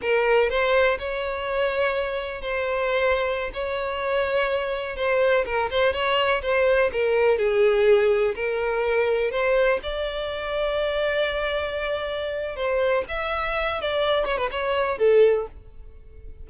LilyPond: \new Staff \with { instrumentName = "violin" } { \time 4/4 \tempo 4 = 124 ais'4 c''4 cis''2~ | cis''4 c''2~ c''16 cis''8.~ | cis''2~ cis''16 c''4 ais'8 c''16~ | c''16 cis''4 c''4 ais'4 gis'8.~ |
gis'4~ gis'16 ais'2 c''8.~ | c''16 d''2.~ d''8.~ | d''2 c''4 e''4~ | e''8 d''4 cis''16 b'16 cis''4 a'4 | }